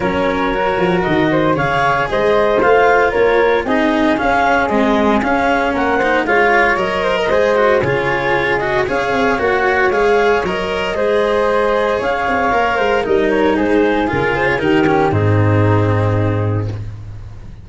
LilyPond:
<<
  \new Staff \with { instrumentName = "clarinet" } { \time 4/4 \tempo 4 = 115 cis''2 dis''4 f''4 | dis''4 f''4 cis''4 dis''4 | f''4 dis''4 f''4 fis''4 | f''4 dis''2 cis''4~ |
cis''8 dis''8 f''4 fis''4 f''4 | dis''2. f''4~ | f''4 dis''8 cis''8 c''4 ais'8 c''16 cis''16 | ais'4 gis'2. | }
  \new Staff \with { instrumentName = "flute" } { \time 4/4 ais'2~ ais'8 c''8 cis''4 | c''2 ais'4 gis'4~ | gis'2. ais'8 c''8 | cis''4. c''16 ais'16 c''4 gis'4~ |
gis'4 cis''2.~ | cis''4 c''2 cis''4~ | cis''8 c''8 ais'4 gis'2 | g'4 dis'2. | }
  \new Staff \with { instrumentName = "cello" } { \time 4/4 cis'4 fis'2 gis'4~ | gis'4 f'2 dis'4 | cis'4 gis4 cis'4. dis'8 | f'4 ais'4 gis'8 fis'8 f'4~ |
f'8 fis'8 gis'4 fis'4 gis'4 | ais'4 gis'2. | ais'4 dis'2 f'4 | dis'8 cis'8 c'2. | }
  \new Staff \with { instrumentName = "tuba" } { \time 4/4 fis4. f8 dis4 cis4 | gis4 a4 ais4 c'4 | cis'4 c'4 cis'4 ais4 | gis4 fis4 gis4 cis4~ |
cis4 cis'8 c'8 ais4 gis4 | fis4 gis2 cis'8 c'8 | ais8 gis8 g4 gis4 cis4 | dis4 gis,2. | }
>>